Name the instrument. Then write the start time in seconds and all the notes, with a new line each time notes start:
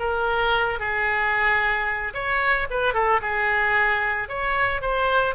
oboe
0.00 A#4
0.80 G#4
2.14 C#5
2.71 B4
2.94 A4
3.22 G#4
4.29 C#5
4.82 C5